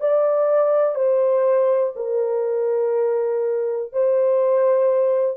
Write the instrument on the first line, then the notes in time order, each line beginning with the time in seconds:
horn
0.00 D5
0.95 C5
1.96 A#4
3.93 C5